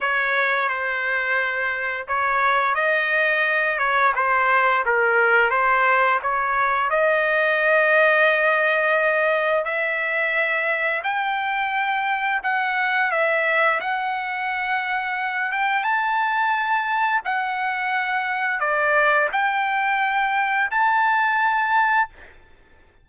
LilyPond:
\new Staff \with { instrumentName = "trumpet" } { \time 4/4 \tempo 4 = 87 cis''4 c''2 cis''4 | dis''4. cis''8 c''4 ais'4 | c''4 cis''4 dis''2~ | dis''2 e''2 |
g''2 fis''4 e''4 | fis''2~ fis''8 g''8 a''4~ | a''4 fis''2 d''4 | g''2 a''2 | }